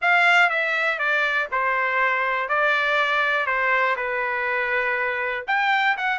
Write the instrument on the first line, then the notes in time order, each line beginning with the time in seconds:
trumpet
0.01 F5
0.49 E5
0.98 D5
1.51 C5
2.48 D5
3.46 C5
3.96 B4
5.47 G5
5.97 F#5